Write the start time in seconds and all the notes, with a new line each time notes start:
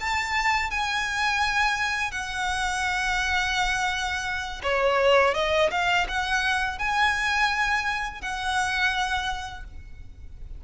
0.00 A5
0.70 G#5
2.11 F#5
4.63 C#5
5.34 D#5
5.71 F5
6.08 F#5
6.78 G#5
8.21 F#5